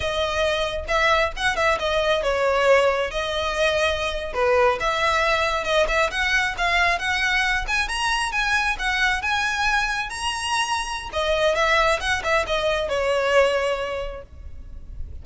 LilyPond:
\new Staff \with { instrumentName = "violin" } { \time 4/4 \tempo 4 = 135 dis''2 e''4 fis''8 e''8 | dis''4 cis''2 dis''4~ | dis''4.~ dis''16 b'4 e''4~ e''16~ | e''8. dis''8 e''8 fis''4 f''4 fis''16~ |
fis''4~ fis''16 gis''8 ais''4 gis''4 fis''16~ | fis''8. gis''2 ais''4~ ais''16~ | ais''4 dis''4 e''4 fis''8 e''8 | dis''4 cis''2. | }